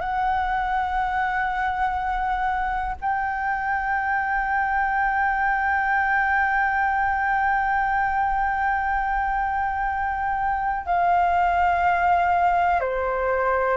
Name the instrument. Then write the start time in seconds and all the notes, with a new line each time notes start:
flute
0.00 F#5
3.01 G5
10.86 F5
12.80 C5